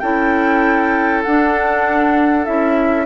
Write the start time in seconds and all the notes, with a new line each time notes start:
0.00 C#4 E4 A4 G5
1.23 D4 F#5
2.45 C#4 E4 E5